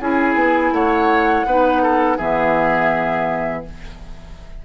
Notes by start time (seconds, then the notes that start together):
0.00 C#4 E4 G#4 G#5
0.34 B3
0.71 A3 C#5 F#5
1.46 B3 D#4 B4
1.82 A4
2.17 E3 B3 G#4 E5